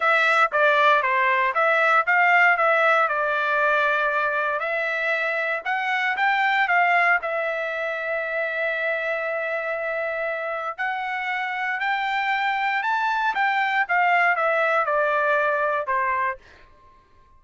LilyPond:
\new Staff \with { instrumentName = "trumpet" } { \time 4/4 \tempo 4 = 117 e''4 d''4 c''4 e''4 | f''4 e''4 d''2~ | d''4 e''2 fis''4 | g''4 f''4 e''2~ |
e''1~ | e''4 fis''2 g''4~ | g''4 a''4 g''4 f''4 | e''4 d''2 c''4 | }